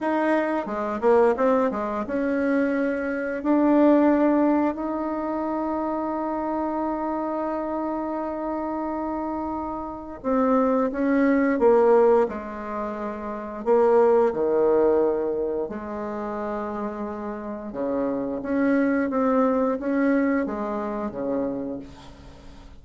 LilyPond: \new Staff \with { instrumentName = "bassoon" } { \time 4/4 \tempo 4 = 88 dis'4 gis8 ais8 c'8 gis8 cis'4~ | cis'4 d'2 dis'4~ | dis'1~ | dis'2. c'4 |
cis'4 ais4 gis2 | ais4 dis2 gis4~ | gis2 cis4 cis'4 | c'4 cis'4 gis4 cis4 | }